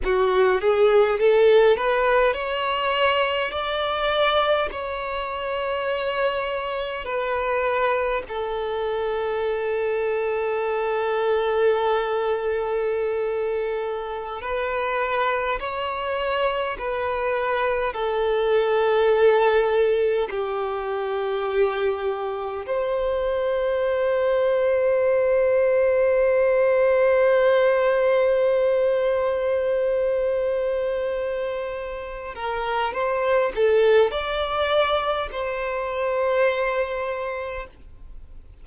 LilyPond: \new Staff \with { instrumentName = "violin" } { \time 4/4 \tempo 4 = 51 fis'8 gis'8 a'8 b'8 cis''4 d''4 | cis''2 b'4 a'4~ | a'1~ | a'16 b'4 cis''4 b'4 a'8.~ |
a'4~ a'16 g'2 c''8.~ | c''1~ | c''2.~ c''8 ais'8 | c''8 a'8 d''4 c''2 | }